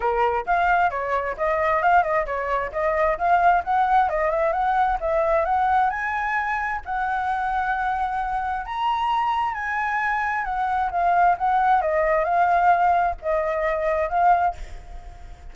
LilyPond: \new Staff \with { instrumentName = "flute" } { \time 4/4 \tempo 4 = 132 ais'4 f''4 cis''4 dis''4 | f''8 dis''8 cis''4 dis''4 f''4 | fis''4 dis''8 e''8 fis''4 e''4 | fis''4 gis''2 fis''4~ |
fis''2. ais''4~ | ais''4 gis''2 fis''4 | f''4 fis''4 dis''4 f''4~ | f''4 dis''2 f''4 | }